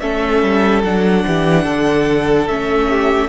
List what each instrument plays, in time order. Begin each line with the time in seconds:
0.00 cello A3, viola C#4, violin A4 E5
0.43 cello G3
0.83 cello F#3, viola D4, violin F#5
1.27 cello E3, violin G4
1.64 cello D3, violin A4
2.47 cello A3, viola C#4, violin E5
2.89 violin G4